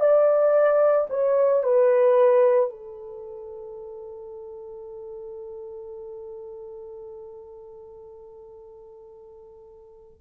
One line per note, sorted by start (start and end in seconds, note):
0.00 1.07 D5
1.10 1.63 C#5
1.64 2.70 B4
2.70 10.20 A4